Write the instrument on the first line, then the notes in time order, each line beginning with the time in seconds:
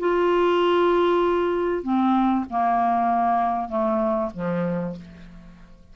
clarinet
0.00 F4
1.84 C4
2.50 A#3
3.69 A3
4.34 F3